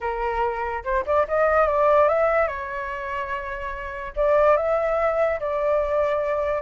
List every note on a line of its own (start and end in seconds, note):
0.00 0.83 A#4
0.84 1.04 C5
1.06 1.26 D5
1.28 1.67 D#5
1.67 2.08 D5
2.08 2.47 E5
2.47 4.13 C#5
4.15 4.56 D5
4.56 5.39 E5
5.39 6.61 D5